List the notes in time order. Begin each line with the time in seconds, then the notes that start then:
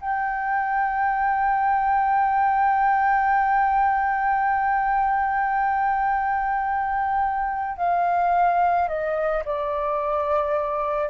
0.00 G5
7.77 F5
8.88 D#5
9.45 D5